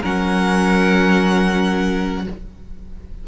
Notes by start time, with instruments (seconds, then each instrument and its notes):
0.00 cello F#3, viola C#4, violin A#4 F#5